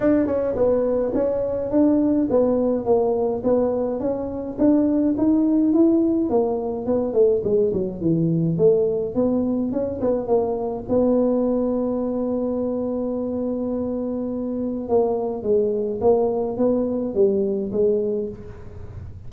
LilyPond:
\new Staff \with { instrumentName = "tuba" } { \time 4/4 \tempo 4 = 105 d'8 cis'8 b4 cis'4 d'4 | b4 ais4 b4 cis'4 | d'4 dis'4 e'4 ais4 | b8 a8 gis8 fis8 e4 a4 |
b4 cis'8 b8 ais4 b4~ | b1~ | b2 ais4 gis4 | ais4 b4 g4 gis4 | }